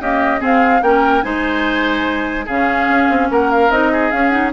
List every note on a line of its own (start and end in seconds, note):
0.00 0.39 A#3
0.00 0.41 C#4
0.00 0.40 G4
0.00 0.42 D#5
0.39 0.80 C4
0.39 0.82 C4
0.39 0.81 G#4
0.39 0.82 F5
0.82 1.23 A#3
0.82 1.22 C#4
0.82 1.24 A#4
0.82 1.22 G5
1.22 2.48 G#3
1.22 2.46 D#4
1.22 2.45 C5
1.22 2.45 G#5
2.45 2.88 C#3
2.45 3.71 C#4
2.45 3.27 G#4
2.45 3.30 F5
2.88 3.09 C#4
3.09 3.30 C4
3.30 3.70 A#3
3.30 3.92 A#4
3.30 3.51 F#5
3.51 3.71 F5
3.70 4.11 C4
3.70 4.11 D#4
3.70 4.11 D#5
3.92 4.53 G#4
4.11 4.31 C#4
4.11 4.53 C#4
4.11 4.28 F5
4.28 4.51 D#4
4.28 4.49 F#5